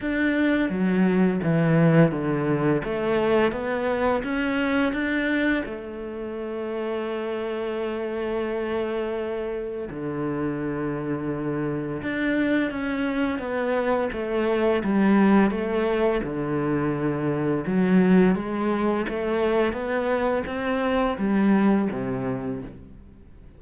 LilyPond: \new Staff \with { instrumentName = "cello" } { \time 4/4 \tempo 4 = 85 d'4 fis4 e4 d4 | a4 b4 cis'4 d'4 | a1~ | a2 d2~ |
d4 d'4 cis'4 b4 | a4 g4 a4 d4~ | d4 fis4 gis4 a4 | b4 c'4 g4 c4 | }